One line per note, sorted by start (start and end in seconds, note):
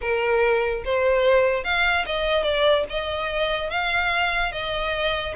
0.01 0.83 A#4
0.84 1.64 C5
1.64 2.05 F5
2.06 2.43 D#5
2.43 2.84 D5
2.89 3.70 D#5
3.70 4.52 F5
4.52 5.34 D#5